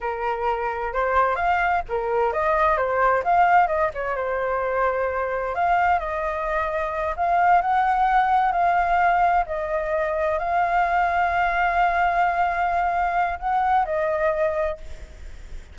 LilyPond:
\new Staff \with { instrumentName = "flute" } { \time 4/4 \tempo 4 = 130 ais'2 c''4 f''4 | ais'4 dis''4 c''4 f''4 | dis''8 cis''8 c''2. | f''4 dis''2~ dis''8 f''8~ |
f''8 fis''2 f''4.~ | f''8 dis''2 f''4.~ | f''1~ | f''4 fis''4 dis''2 | }